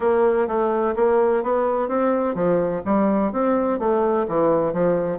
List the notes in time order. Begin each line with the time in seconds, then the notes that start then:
0.00 A#3
0.47 A3
0.95 A#3
1.43 B3
1.88 C4
2.35 F3
2.85 G3
3.32 C4
3.79 A3
4.28 E3
4.73 F3